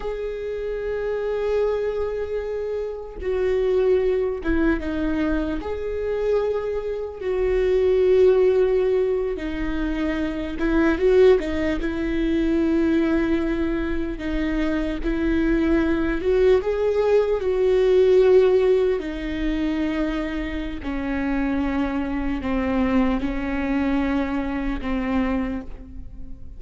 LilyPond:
\new Staff \with { instrumentName = "viola" } { \time 4/4 \tempo 4 = 75 gis'1 | fis'4. e'8 dis'4 gis'4~ | gis'4 fis'2~ fis'8. dis'16~ | dis'4~ dis'16 e'8 fis'8 dis'8 e'4~ e'16~ |
e'4.~ e'16 dis'4 e'4~ e'16~ | e'16 fis'8 gis'4 fis'2 dis'16~ | dis'2 cis'2 | c'4 cis'2 c'4 | }